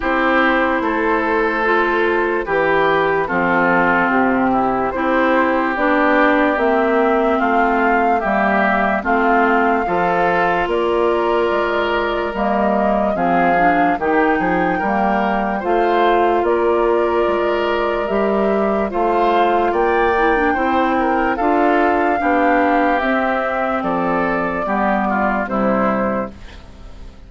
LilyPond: <<
  \new Staff \with { instrumentName = "flute" } { \time 4/4 \tempo 4 = 73 c''2. b'4 | a'4 g'4 c''4 d''4 | e''4 f''4 e''4 f''4~ | f''4 d''2 dis''4 |
f''4 g''2 f''4 | d''2 e''4 f''4 | g''2 f''2 | e''4 d''2 c''4 | }
  \new Staff \with { instrumentName = "oboe" } { \time 4/4 g'4 a'2 g'4 | f'4. e'8 g'2~ | g'4 f'4 g'4 f'4 | a'4 ais'2. |
gis'4 g'8 gis'8 ais'4 c''4 | ais'2. c''4 | d''4 c''8 ais'8 a'4 g'4~ | g'4 a'4 g'8 f'8 e'4 | }
  \new Staff \with { instrumentName = "clarinet" } { \time 4/4 e'2 f'4 g'4 | c'2 e'4 d'4 | c'2 ais4 c'4 | f'2. ais4 |
c'8 d'8 dis'4 ais4 f'4~ | f'2 g'4 f'4~ | f'8 e'16 d'16 e'4 f'4 d'4 | c'2 b4 g4 | }
  \new Staff \with { instrumentName = "bassoon" } { \time 4/4 c'4 a2 e4 | f4 c4 c'4 b4 | ais4 a4 g4 a4 | f4 ais4 gis4 g4 |
f4 dis8 f8 g4 a4 | ais4 gis4 g4 a4 | ais4 c'4 d'4 b4 | c'4 f4 g4 c4 | }
>>